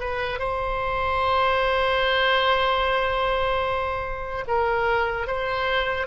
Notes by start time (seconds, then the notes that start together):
0.00 B4
0.39 C5
4.48 A#4
5.27 C5